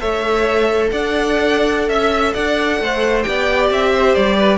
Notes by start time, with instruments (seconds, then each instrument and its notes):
0.00 cello A3, viola A4, violin C#5 E5
0.92 cello D4, violin D5 F#5
1.89 cello C#4, violin E5
2.33 cello D4, violin D5 F#5
2.80 cello A3, violin C5
3.23 cello B3, viola G4, violin D5 G5
3.70 cello C4, violin E5
3.91 violin C5
4.15 cello G3, violin D5
4.37 violin B4